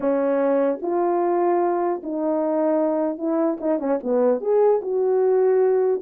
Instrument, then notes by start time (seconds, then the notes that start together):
horn
0.00 C#4
0.81 F4
2.03 D#4
3.18 E4
3.60 D#4
3.79 C#4
4.03 B3
4.41 G#4
4.81 F#4